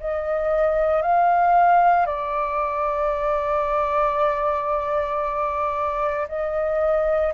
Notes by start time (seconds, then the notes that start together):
0.00 D#5
1.02 F5
2.06 D5
6.28 D#5